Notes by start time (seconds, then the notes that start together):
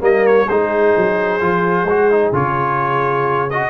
0.00 G3 A#3 A#4 D#5
0.27 C#5
0.48 G#3 D#4 G#4 C5
0.97 F#3
1.41 F3 F4
1.84 G#3 F#4
2.11 D#4
2.32 C#3 F4 C#5
3.50 F#4 D#5